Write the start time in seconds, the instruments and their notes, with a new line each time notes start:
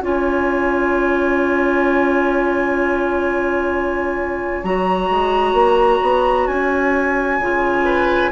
0.00 bassoon C#4, clarinet F4, oboe C#5, flute G#5
4.63 bassoon F#3, clarinet F#4, flute A#5
5.10 bassoon G#3
5.53 bassoon A#3
6.02 bassoon B3
6.47 bassoon C#4, flute G#5
7.39 bassoon C#3, clarinet F4
7.85 oboe B4